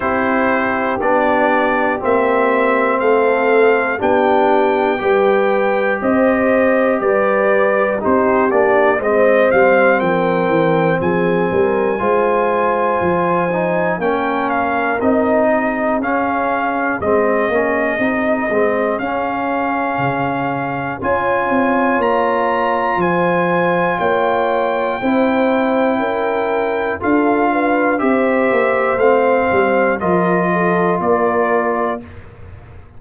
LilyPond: <<
  \new Staff \with { instrumentName = "trumpet" } { \time 4/4 \tempo 4 = 60 c''4 d''4 e''4 f''4 | g''2 dis''4 d''4 | c''8 d''8 dis''8 f''8 g''4 gis''4~ | gis''2 g''8 f''8 dis''4 |
f''4 dis''2 f''4~ | f''4 gis''4 ais''4 gis''4 | g''2. f''4 | e''4 f''4 dis''4 d''4 | }
  \new Staff \with { instrumentName = "horn" } { \time 4/4 g'2. a'4 | g'4 b'4 c''4 b'4 | g'4 c''4 ais'4 gis'8 ais'8 | c''2 ais'4. gis'8~ |
gis'1~ | gis'4 cis''2 c''4 | cis''4 c''4 ais'4 a'8 b'8 | c''2 ais'8 a'8 ais'4 | }
  \new Staff \with { instrumentName = "trombone" } { \time 4/4 e'4 d'4 c'2 | d'4 g'2. | dis'8 d'8 c'2. | f'4. dis'8 cis'4 dis'4 |
cis'4 c'8 cis'8 dis'8 c'8 cis'4~ | cis'4 f'2.~ | f'4 e'2 f'4 | g'4 c'4 f'2 | }
  \new Staff \with { instrumentName = "tuba" } { \time 4/4 c'4 b4 ais4 a4 | b4 g4 c'4 g4 | c'8 ais8 gis8 g8 f8 e8 f8 g8 | gis4 f4 ais4 c'4 |
cis'4 gis8 ais8 c'8 gis8 cis'4 | cis4 cis'8 c'8 ais4 f4 | ais4 c'4 cis'4 d'4 | c'8 ais8 a8 g8 f4 ais4 | }
>>